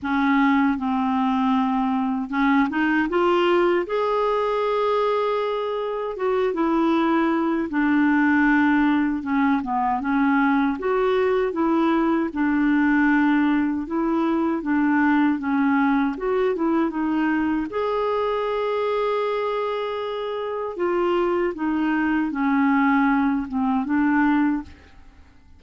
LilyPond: \new Staff \with { instrumentName = "clarinet" } { \time 4/4 \tempo 4 = 78 cis'4 c'2 cis'8 dis'8 | f'4 gis'2. | fis'8 e'4. d'2 | cis'8 b8 cis'4 fis'4 e'4 |
d'2 e'4 d'4 | cis'4 fis'8 e'8 dis'4 gis'4~ | gis'2. f'4 | dis'4 cis'4. c'8 d'4 | }